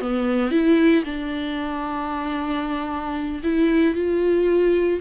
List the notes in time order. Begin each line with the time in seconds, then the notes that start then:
0.00 B3
0.51 E4
1.05 D4
3.43 E4
3.94 F4